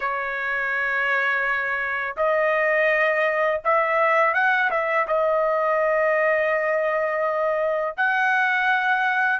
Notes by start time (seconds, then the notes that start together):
0.00 C#5
2.16 D#5
3.64 E5
4.34 F#5
4.70 E5
5.07 D#5
7.96 F#5